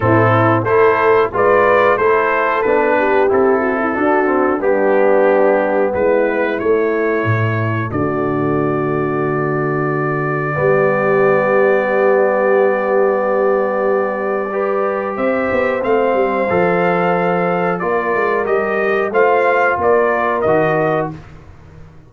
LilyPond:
<<
  \new Staff \with { instrumentName = "trumpet" } { \time 4/4 \tempo 4 = 91 a'4 c''4 d''4 c''4 | b'4 a'2 g'4~ | g'4 b'4 cis''2 | d''1~ |
d''1~ | d''2. e''4 | f''2. d''4 | dis''4 f''4 d''4 dis''4 | }
  \new Staff \with { instrumentName = "horn" } { \time 4/4 e'4 a'4 b'4 a'4~ | a'8 g'4 fis'16 e'16 fis'4 d'4~ | d'4 e'2. | fis'1 |
g'1~ | g'2 b'4 c''4~ | c''2. ais'4~ | ais'4 c''4 ais'2 | }
  \new Staff \with { instrumentName = "trombone" } { \time 4/4 c'4 e'4 f'4 e'4 | d'4 e'4 d'8 c'8 b4~ | b2 a2~ | a1 |
b1~ | b2 g'2 | c'4 a'2 f'4 | g'4 f'2 fis'4 | }
  \new Staff \with { instrumentName = "tuba" } { \time 4/4 a,4 a4 gis4 a4 | b4 c'4 d'4 g4~ | g4 gis4 a4 a,4 | d1 |
g1~ | g2. c'8 b8 | a8 g8 f2 ais8 gis8 | g4 a4 ais4 dis4 | }
>>